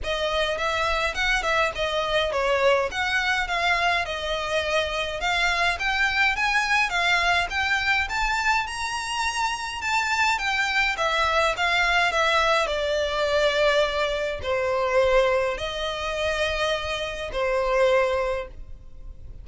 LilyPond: \new Staff \with { instrumentName = "violin" } { \time 4/4 \tempo 4 = 104 dis''4 e''4 fis''8 e''8 dis''4 | cis''4 fis''4 f''4 dis''4~ | dis''4 f''4 g''4 gis''4 | f''4 g''4 a''4 ais''4~ |
ais''4 a''4 g''4 e''4 | f''4 e''4 d''2~ | d''4 c''2 dis''4~ | dis''2 c''2 | }